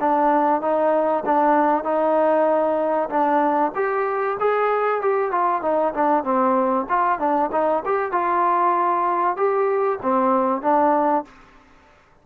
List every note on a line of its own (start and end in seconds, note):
0.00 0.61 D4
0.61 1.23 D#4
1.25 1.84 D4
1.84 3.09 D#4
3.09 3.71 D4
3.74 4.37 G4
4.39 5.01 G#4
5.01 5.31 G4
5.31 5.62 F4
5.62 5.93 D#4
5.93 6.23 D4
6.23 6.86 C4
6.88 7.19 F4
7.19 7.50 D4
7.52 7.83 D#4
7.85 8.12 G4
8.12 9.36 F4
9.36 9.99 G4
10.02 10.62 C4
10.62 11.24 D4